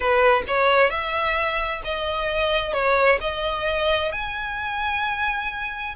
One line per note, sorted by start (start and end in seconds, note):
0.00 0.42 B4
0.47 0.90 C#5
0.90 1.81 E5
1.84 2.73 D#5
2.73 3.18 C#5
3.20 4.12 D#5
4.12 5.95 G#5